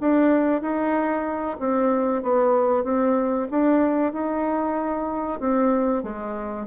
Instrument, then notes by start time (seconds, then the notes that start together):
bassoon
0.00 D4
0.61 D#4
1.59 C4
2.23 B3
2.84 C4
3.50 D4
4.13 D#4
5.40 C4
6.03 G#3